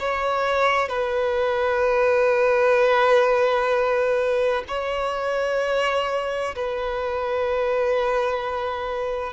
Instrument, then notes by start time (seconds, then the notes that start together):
violin
0.00 C#5
0.89 B4
4.68 C#5
6.56 B4